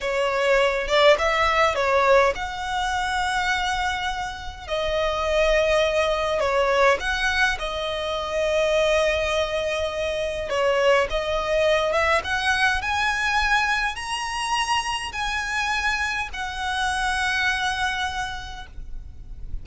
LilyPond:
\new Staff \with { instrumentName = "violin" } { \time 4/4 \tempo 4 = 103 cis''4. d''8 e''4 cis''4 | fis''1 | dis''2. cis''4 | fis''4 dis''2.~ |
dis''2 cis''4 dis''4~ | dis''8 e''8 fis''4 gis''2 | ais''2 gis''2 | fis''1 | }